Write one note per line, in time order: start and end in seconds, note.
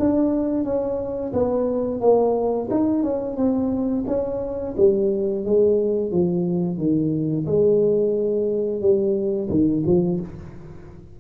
0.00 0.65 D4
0.65 1.33 C#4
1.33 2.01 B3
2.01 2.69 A#3
2.71 3.03 D#4
3.03 3.37 C#4
3.37 4.05 C4
4.08 4.76 C#4
4.77 5.45 G3
5.45 6.12 G#3
6.12 6.78 F3
6.78 7.46 D#3
7.47 8.81 G#3
8.81 9.50 G3
9.50 9.84 D#3
9.86 10.20 F3